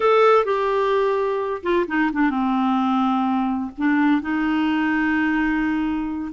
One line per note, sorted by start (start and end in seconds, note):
0.00 0.44 A4
0.44 1.62 G4
1.62 1.86 F4
1.87 2.11 D#4
2.12 2.30 D4
2.30 3.70 C4
3.77 4.21 D4
4.21 6.32 D#4